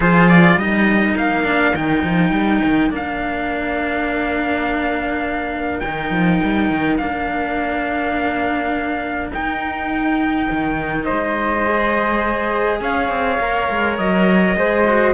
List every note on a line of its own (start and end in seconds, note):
0.00 0.56 F3
0.00 0.59 F4
0.00 0.55 G#4
0.00 0.29 C5
0.29 0.58 D5
0.55 1.14 G3
0.55 1.44 D#4
0.55 11.03 A#4
0.55 1.16 D#5
1.16 1.73 A#3
1.16 1.75 F5
1.44 1.73 D4
1.73 2.03 D#3
1.73 2.90 D#4
1.73 2.91 G5
2.03 2.31 F3
2.31 2.60 G3
2.64 2.89 D#3
2.89 5.80 A#3
2.89 5.81 D4
2.89 5.79 F5
5.79 6.10 D#3
5.79 6.99 D#4
5.79 6.96 G5
6.10 6.40 F3
6.43 6.69 G3
6.69 6.98 D#3
6.97 9.31 A#3
6.97 9.32 D4
6.97 9.30 F5
9.31 10.47 D#4
9.31 11.65 D#4
9.31 11.04 G5
10.50 11.09 D#3
11.04 12.80 G#3
11.04 12.79 C5
11.04 12.79 D#5
11.65 13.40 G#4
12.80 13.09 C#4
12.80 14.56 C#5
12.80 13.98 F5
13.09 13.38 C4
13.39 13.68 A#3
13.39 14.56 A#4
13.69 13.98 G#3
13.98 14.56 F#3
13.98 15.14 D#5
14.56 15.14 G#3
14.56 14.86 G#4
14.56 15.14 C5
14.86 15.14 F#4